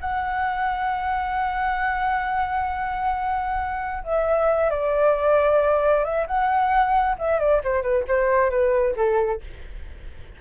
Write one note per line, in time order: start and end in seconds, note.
0.00 4.03 F#5
4.03 4.70 E5
4.70 6.04 D5
6.04 6.26 E5
6.26 7.16 F#5
7.18 7.39 E5
7.39 7.61 D5
7.63 7.82 C5
7.82 8.04 B4
8.07 8.50 C5
8.50 8.95 B4
8.96 9.41 A4